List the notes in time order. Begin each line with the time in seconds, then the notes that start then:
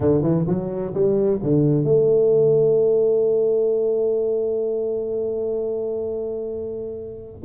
0.00 D3
0.22 E3
0.47 F#3
0.93 G3
1.42 D3
1.84 A3